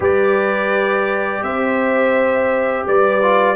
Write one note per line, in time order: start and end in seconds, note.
0.00 1.42 G3
0.00 3.20 G4
0.00 1.42 B4
0.00 1.43 D5
1.42 2.85 C4
1.42 2.86 C5
1.42 2.86 E5
2.86 3.55 G3
2.86 3.55 B4
2.86 3.55 D5
3.21 3.55 F4